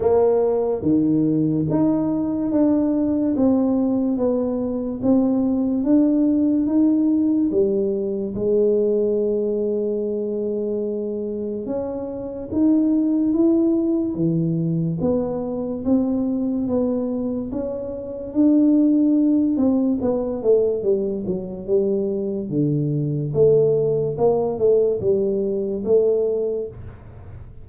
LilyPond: \new Staff \with { instrumentName = "tuba" } { \time 4/4 \tempo 4 = 72 ais4 dis4 dis'4 d'4 | c'4 b4 c'4 d'4 | dis'4 g4 gis2~ | gis2 cis'4 dis'4 |
e'4 e4 b4 c'4 | b4 cis'4 d'4. c'8 | b8 a8 g8 fis8 g4 d4 | a4 ais8 a8 g4 a4 | }